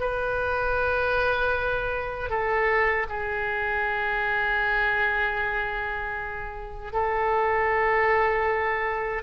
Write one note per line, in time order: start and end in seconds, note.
0.00 2.30 B4
2.30 3.07 A4
3.09 6.93 G#4
6.93 9.23 A4